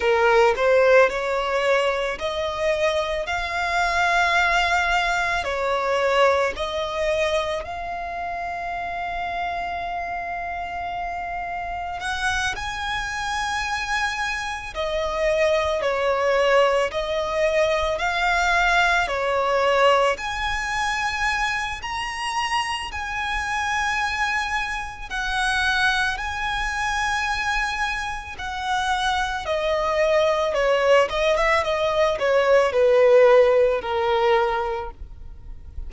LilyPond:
\new Staff \with { instrumentName = "violin" } { \time 4/4 \tempo 4 = 55 ais'8 c''8 cis''4 dis''4 f''4~ | f''4 cis''4 dis''4 f''4~ | f''2. fis''8 gis''8~ | gis''4. dis''4 cis''4 dis''8~ |
dis''8 f''4 cis''4 gis''4. | ais''4 gis''2 fis''4 | gis''2 fis''4 dis''4 | cis''8 dis''16 e''16 dis''8 cis''8 b'4 ais'4 | }